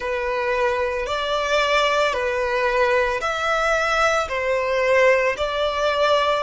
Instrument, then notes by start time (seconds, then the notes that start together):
violin
0.00 B4
1.06 D5
2.13 B4
3.20 E5
4.28 C5
5.37 D5